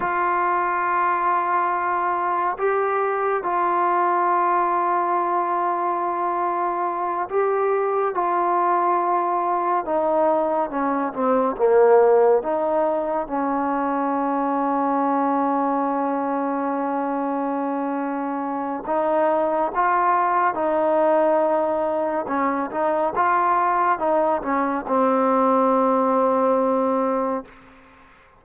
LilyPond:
\new Staff \with { instrumentName = "trombone" } { \time 4/4 \tempo 4 = 70 f'2. g'4 | f'1~ | f'8 g'4 f'2 dis'8~ | dis'8 cis'8 c'8 ais4 dis'4 cis'8~ |
cis'1~ | cis'2 dis'4 f'4 | dis'2 cis'8 dis'8 f'4 | dis'8 cis'8 c'2. | }